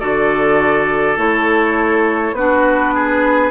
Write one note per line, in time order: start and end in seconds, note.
0.00 1.17 D3
0.00 1.16 F#4
0.00 2.36 A4
0.00 1.18 D5
1.16 2.33 A3
1.16 2.34 E4
1.16 2.36 C#5
2.33 3.51 B3
2.33 3.51 D4
2.33 2.95 F#4
2.33 3.51 B4
2.95 3.51 G#4